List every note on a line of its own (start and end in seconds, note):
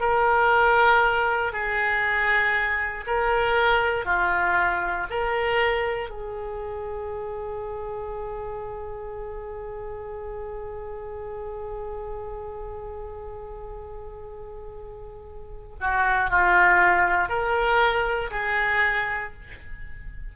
0.00 1.53 A#4
1.53 3.05 G#4
3.07 4.05 A#4
4.05 5.07 F4
5.10 6.10 A#4
6.10 15.76 G#4
15.80 16.30 F#4
16.30 17.29 F4
17.29 18.31 A#4
18.31 19.33 G#4